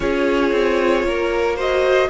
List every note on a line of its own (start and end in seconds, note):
0.00 0.51 C#4
0.00 1.57 F4
0.00 1.05 G#4
0.00 1.58 C#5
0.51 1.03 C4
1.03 2.09 A#3
1.03 1.55 A#4
1.55 2.09 F#4
1.55 2.08 C5
1.55 2.09 D#5